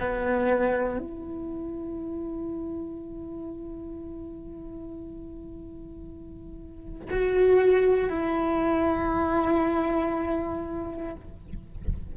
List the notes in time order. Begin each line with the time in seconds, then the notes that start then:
0.00 B3
0.99 E4
7.10 F#4
8.10 E4